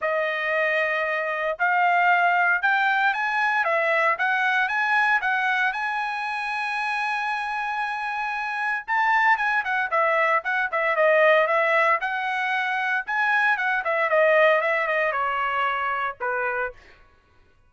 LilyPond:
\new Staff \with { instrumentName = "trumpet" } { \time 4/4 \tempo 4 = 115 dis''2. f''4~ | f''4 g''4 gis''4 e''4 | fis''4 gis''4 fis''4 gis''4~ | gis''1~ |
gis''4 a''4 gis''8 fis''8 e''4 | fis''8 e''8 dis''4 e''4 fis''4~ | fis''4 gis''4 fis''8 e''8 dis''4 | e''8 dis''8 cis''2 b'4 | }